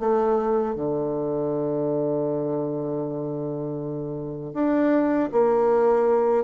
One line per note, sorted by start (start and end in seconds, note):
0.00 0.76 A3
0.76 4.54 D3
4.54 5.30 D4
5.32 6.44 A#3